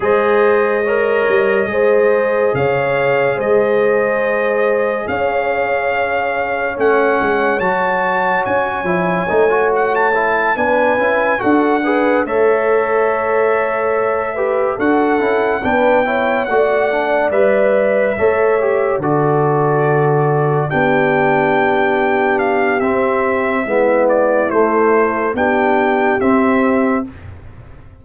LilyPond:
<<
  \new Staff \with { instrumentName = "trumpet" } { \time 4/4 \tempo 4 = 71 dis''2. f''4 | dis''2 f''2 | fis''4 a''4 gis''4. fis''16 a''16~ | a''8 gis''4 fis''4 e''4.~ |
e''4. fis''4 g''4 fis''8~ | fis''8 e''2 d''4.~ | d''8 g''2 f''8 e''4~ | e''8 d''8 c''4 g''4 e''4 | }
  \new Staff \with { instrumentName = "horn" } { \time 4/4 c''4 cis''4 c''4 cis''4 | c''2 cis''2~ | cis''1~ | cis''8 b'4 a'8 b'8 cis''4.~ |
cis''4 b'8 a'4 b'8 cis''8 d''8~ | d''4. cis''4 a'4.~ | a'8 g'2.~ g'8 | e'2 g'2 | }
  \new Staff \with { instrumentName = "trombone" } { \time 4/4 gis'4 ais'4 gis'2~ | gis'1 | cis'4 fis'4. e'8 dis'16 fis'8. | e'8 d'8 e'8 fis'8 gis'8 a'4.~ |
a'4 g'8 fis'8 e'8 d'8 e'8 fis'8 | d'8 b'4 a'8 g'8 fis'4.~ | fis'8 d'2~ d'8 c'4 | b4 a4 d'4 c'4 | }
  \new Staff \with { instrumentName = "tuba" } { \time 4/4 gis4. g8 gis4 cis4 | gis2 cis'2 | a8 gis8 fis4 cis'8 f8 a4~ | a8 b8 cis'8 d'4 a4.~ |
a4. d'8 cis'8 b4 a8~ | a8 g4 a4 d4.~ | d8 b2~ b8 c'4 | gis4 a4 b4 c'4 | }
>>